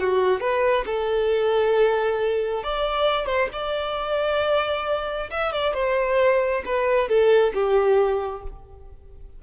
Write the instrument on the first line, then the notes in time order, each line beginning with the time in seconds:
violin
0.00 F#4
0.40 B4
0.86 A4
2.64 D5
3.26 C5
3.53 D5
5.31 E5
5.52 D5
5.74 C5
6.65 B4
7.09 A4
7.54 G4